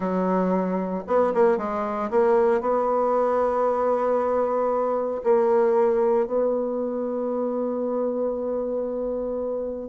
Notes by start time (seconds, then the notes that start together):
0.00 F#3
1.07 B3
1.34 A#3
1.57 G#3
2.10 A#3
2.60 B3
5.23 A#3
6.26 B3